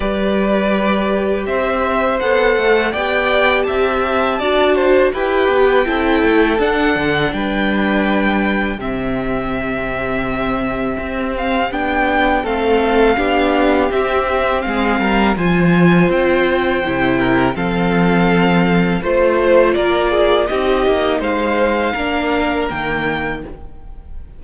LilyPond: <<
  \new Staff \with { instrumentName = "violin" } { \time 4/4 \tempo 4 = 82 d''2 e''4 fis''4 | g''4 a''2 g''4~ | g''4 fis''4 g''2 | e''2.~ e''8 f''8 |
g''4 f''2 e''4 | f''4 gis''4 g''2 | f''2 c''4 d''4 | dis''4 f''2 g''4 | }
  \new Staff \with { instrumentName = "violin" } { \time 4/4 b'2 c''2 | d''4 e''4 d''8 c''8 b'4 | a'2 b'2 | g'1~ |
g'4 a'4 g'2 | gis'8 ais'8 c''2~ c''8 ais'8 | a'2 c''4 ais'8 gis'8 | g'4 c''4 ais'2 | }
  \new Staff \with { instrumentName = "viola" } { \time 4/4 g'2. a'4 | g'2 fis'4 g'4 | e'4 d'2. | c'1 |
d'4 c'4 d'4 c'4~ | c'4 f'2 e'4 | c'2 f'2 | dis'2 d'4 ais4 | }
  \new Staff \with { instrumentName = "cello" } { \time 4/4 g2 c'4 b8 a8 | b4 c'4 d'4 e'8 b8 | c'8 a8 d'8 d8 g2 | c2. c'4 |
b4 a4 b4 c'4 | gis8 g8 f4 c'4 c4 | f2 a4 ais4 | c'8 ais8 gis4 ais4 dis4 | }
>>